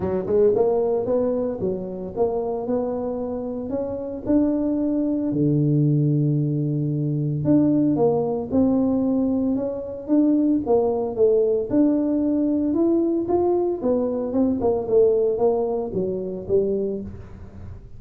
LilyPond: \new Staff \with { instrumentName = "tuba" } { \time 4/4 \tempo 4 = 113 fis8 gis8 ais4 b4 fis4 | ais4 b2 cis'4 | d'2 d2~ | d2 d'4 ais4 |
c'2 cis'4 d'4 | ais4 a4 d'2 | e'4 f'4 b4 c'8 ais8 | a4 ais4 fis4 g4 | }